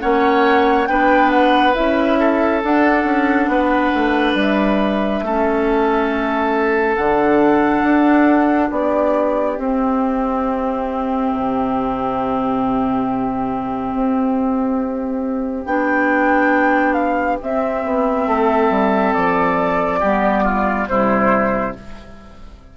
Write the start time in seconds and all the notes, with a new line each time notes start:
0.00 A#3 C#4 C#5 F#5
0.87 B3 D4 B4 G5
1.31 F#5
1.74 C#4 E4 E5
2.20 A4
2.64 D4 F#5
3.05 C#4
3.48 B3 B4
3.95 A3
4.35 G3 E5
5.22 A3 C#4 A4
6.96 D3 D4 F#5
7.83 D4
8.70 B3 G4 D5
9.57 C4 E5
11.33 C3
13.93 C4
15.66 B3 D4 G5
16.93 F5
17.42 C4 E5
17.84 B3
18.27 A3 A4
18.70 G3
19.14 F3 D5
20.00 G3 B3 G4
20.44 F4
20.87 C3 G3 E4 C5